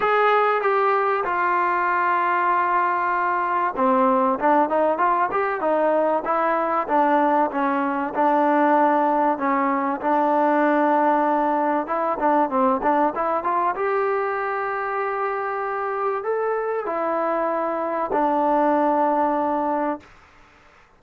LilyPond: \new Staff \with { instrumentName = "trombone" } { \time 4/4 \tempo 4 = 96 gis'4 g'4 f'2~ | f'2 c'4 d'8 dis'8 | f'8 g'8 dis'4 e'4 d'4 | cis'4 d'2 cis'4 |
d'2. e'8 d'8 | c'8 d'8 e'8 f'8 g'2~ | g'2 a'4 e'4~ | e'4 d'2. | }